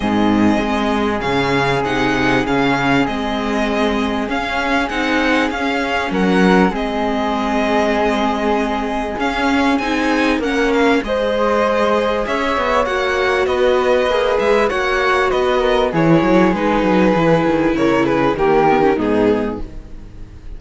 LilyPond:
<<
  \new Staff \with { instrumentName = "violin" } { \time 4/4 \tempo 4 = 98 dis''2 f''4 fis''4 | f''4 dis''2 f''4 | fis''4 f''4 fis''4 dis''4~ | dis''2. f''4 |
gis''4 fis''8 f''8 dis''2 | e''4 fis''4 dis''4. e''8 | fis''4 dis''4 cis''4 b'4~ | b'4 cis''8 b'8 ais'4 gis'4 | }
  \new Staff \with { instrumentName = "flute" } { \time 4/4 gis'1~ | gis'1~ | gis'2 ais'4 gis'4~ | gis'1~ |
gis'4 ais'4 c''2 | cis''2 b'2 | cis''4 b'8 ais'8 gis'2~ | gis'4 ais'8 gis'8 g'4 dis'4 | }
  \new Staff \with { instrumentName = "viola" } { \time 4/4 c'2 cis'4 dis'4 | cis'4 c'2 cis'4 | dis'4 cis'2 c'4~ | c'2. cis'4 |
dis'4 cis'4 gis'2~ | gis'4 fis'2 gis'4 | fis'2 e'4 dis'4 | e'2 ais8 b16 cis'16 b4 | }
  \new Staff \with { instrumentName = "cello" } { \time 4/4 gis,4 gis4 cis4 c4 | cis4 gis2 cis'4 | c'4 cis'4 fis4 gis4~ | gis2. cis'4 |
c'4 ais4 gis2 | cis'8 b8 ais4 b4 ais8 gis8 | ais4 b4 e8 fis8 gis8 fis8 | e8 dis8 cis4 dis4 gis,4 | }
>>